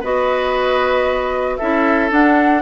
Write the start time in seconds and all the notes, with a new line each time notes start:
0.00 B3 F#4 B4 D#5
1.56 C#4 E4 A4 E5
2.10 D4 F#5